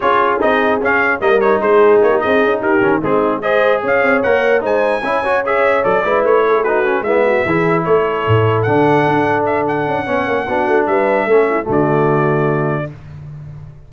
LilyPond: <<
  \new Staff \with { instrumentName = "trumpet" } { \time 4/4 \tempo 4 = 149 cis''4 dis''4 f''4 dis''8 cis''8 | c''4 cis''8 dis''4 ais'4 gis'8~ | gis'8 dis''4 f''4 fis''4 gis''8~ | gis''4. e''4 d''4 cis''8~ |
cis''8 b'4 e''2 cis''8~ | cis''4. fis''2 e''8 | fis''2. e''4~ | e''4 d''2. | }
  \new Staff \with { instrumentName = "horn" } { \time 4/4 gis'2. ais'4 | gis'4~ gis'16 g'16 gis'4 g'4 dis'8~ | dis'8 c''4 cis''2 c''8~ | c''8 cis''2~ cis''8 b'4 |
a'16 gis'16 fis'4 e'8 fis'8 gis'4 a'8~ | a'1~ | a'4 cis''4 fis'4 b'4 | a'8 e'8 fis'2. | }
  \new Staff \with { instrumentName = "trombone" } { \time 4/4 f'4 dis'4 cis'4 ais8 dis'8~ | dis'2. cis'8 c'8~ | c'8 gis'2 ais'4 dis'8~ | dis'8 e'8 fis'8 gis'4 a'8 e'4~ |
e'8 dis'8 cis'8 b4 e'4.~ | e'4. d'2~ d'8~ | d'4 cis'4 d'2 | cis'4 a2. | }
  \new Staff \with { instrumentName = "tuba" } { \time 4/4 cis'4 c'4 cis'4 g4 | gis4 ais8 c'8 cis'8 dis'8 dis8 gis8~ | gis4. cis'8 c'8 ais4 gis8~ | gis8 cis'2 fis8 gis8 a8~ |
a4. gis4 e4 a8~ | a8 a,4 d4 d'4.~ | d'8 cis'8 b8 ais8 b8 a8 g4 | a4 d2. | }
>>